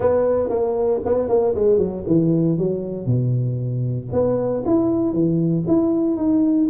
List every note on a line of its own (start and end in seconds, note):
0.00 0.49 B3
0.49 1.00 A#3
1.05 1.28 B3
1.28 1.54 A#3
1.54 1.78 G#3
1.78 2.03 F#3
2.07 2.58 E3
2.58 3.05 F#3
3.05 4.08 B2
4.12 4.63 B3
4.65 5.12 E4
5.12 5.64 E3
5.67 6.17 E4
6.17 6.68 D#4